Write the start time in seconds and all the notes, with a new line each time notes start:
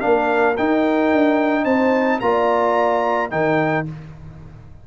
0.00 A#3 D4 A#4 F5
0.57 D#4 G5
1.13 D4
1.63 C4 C5 A5
2.19 A#3 F4 D5 A#5
3.30 D#3 D#4 A#4 G5